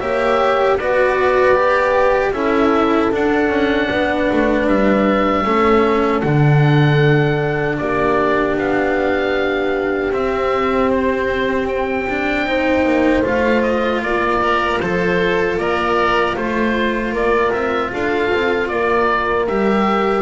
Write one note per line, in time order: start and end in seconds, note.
0.00 0.77 A#3
0.00 0.79 G4
0.00 0.78 C#5
0.00 0.78 E5
0.77 2.32 B3
0.77 1.56 F#4
0.77 2.33 B4
0.77 2.34 D5
1.56 2.33 G4
2.32 3.10 C#4
2.32 3.12 E4
2.32 3.89 A4
2.32 3.12 E5
3.12 5.45 D4
3.12 3.49 D4
3.12 4.68 F#5
3.49 3.88 C#4
3.90 4.30 B3
3.90 5.45 B4
4.32 4.67 A3
4.67 5.45 G3
4.67 6.21 E5
5.45 6.24 A3
5.45 6.23 C#4
5.45 7.79 A4
6.21 7.79 D3
6.21 10.12 D4
6.21 7.77 F#5
7.78 8.56 A#3
7.78 12.48 G4
7.78 8.56 D5
8.56 10.12 B3
8.56 10.13 F5
10.12 12.07 C4
10.12 12.85 C4
10.12 10.91 E5
10.91 11.68 C5
11.68 13.24 G5
12.10 12.47 D4
12.47 13.23 D#4
12.47 14.04 C5
12.85 13.24 A#3
13.23 14.02 A3
13.23 14.40 F4
13.23 13.63 F5
13.63 14.02 D#5
14.02 14.80 A#3
14.02 17.12 F4
14.02 14.80 D5
14.41 14.80 A#4
14.80 15.58 F3
14.80 15.61 A4
14.80 15.58 C5
15.58 16.36 A#3
15.58 16.36 A#4
15.58 16.37 D5
16.36 17.12 A3
16.36 19.48 F4
16.36 17.15 C5
17.12 17.51 A#3
17.12 17.90 A#4
17.12 17.53 D5
17.53 17.92 C4
17.53 17.92 E5
17.93 18.32 D4
17.93 18.71 A4
17.93 18.68 F5
18.34 18.70 C4
18.68 19.48 A#3
18.68 20.22 A#4
18.68 19.46 D5
19.48 20.22 G3
19.48 20.22 G4
19.48 20.22 E5